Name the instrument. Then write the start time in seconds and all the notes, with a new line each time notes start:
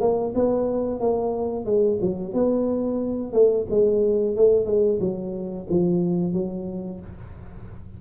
tuba
0.00 A#3
0.35 B3
1.00 A#3
1.65 G#3
2.01 F#3
2.33 B3
3.33 A3
3.70 G#3
4.36 A3
4.65 G#3
5.00 F#3
5.69 F3
6.33 F#3